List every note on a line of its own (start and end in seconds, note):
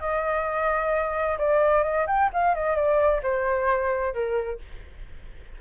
0.00 1.37 D#5
1.39 1.83 D5
1.83 2.06 D#5
2.07 2.30 G5
2.33 2.55 F5
2.55 2.75 D#5
2.75 3.21 D5
3.23 4.13 C5
4.13 4.59 A#4